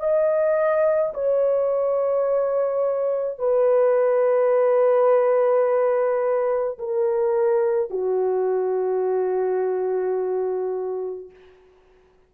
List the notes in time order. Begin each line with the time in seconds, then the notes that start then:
0.00 D#5
1.14 C#5
3.39 B4
6.79 A#4
7.90 F#4